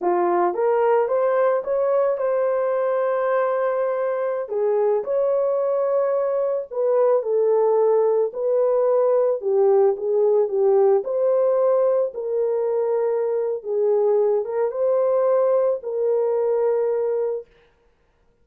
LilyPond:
\new Staff \with { instrumentName = "horn" } { \time 4/4 \tempo 4 = 110 f'4 ais'4 c''4 cis''4 | c''1~ | c''16 gis'4 cis''2~ cis''8.~ | cis''16 b'4 a'2 b'8.~ |
b'4~ b'16 g'4 gis'4 g'8.~ | g'16 c''2 ais'4.~ ais'16~ | ais'4 gis'4. ais'8 c''4~ | c''4 ais'2. | }